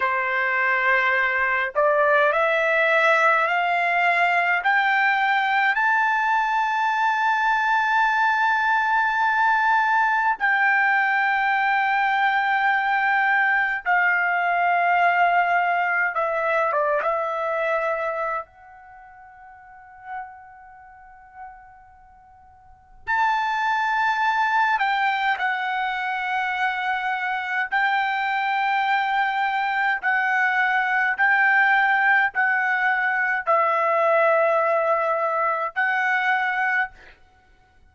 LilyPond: \new Staff \with { instrumentName = "trumpet" } { \time 4/4 \tempo 4 = 52 c''4. d''8 e''4 f''4 | g''4 a''2.~ | a''4 g''2. | f''2 e''8 d''16 e''4~ e''16 |
fis''1 | a''4. g''8 fis''2 | g''2 fis''4 g''4 | fis''4 e''2 fis''4 | }